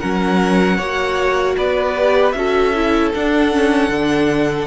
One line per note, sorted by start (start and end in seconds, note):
0.00 0.79 F#3
0.00 0.79 C#4
0.00 0.77 A#4
0.00 1.56 F#5
0.77 1.56 A#3
0.77 1.95 F#4
0.77 1.55 C#5
1.57 2.34 B3
1.57 2.35 B4
1.57 2.32 D5
1.95 2.34 G4
2.32 3.12 C#4
2.32 2.74 F#4
2.32 4.67 A4
2.32 3.10 E5
2.75 3.14 E4
3.14 3.52 D4
3.14 3.89 D4
3.14 4.67 F#5
3.52 3.90 C#4
3.89 4.67 D3
3.89 4.67 D4